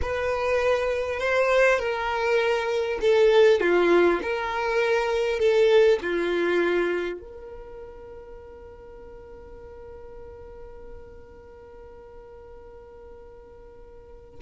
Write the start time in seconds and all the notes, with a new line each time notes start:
0.01 B4
1.19 C5
1.79 A#4
3.01 A4
3.60 F4
4.22 A#4
5.39 A4
6.02 F4
7.20 A#4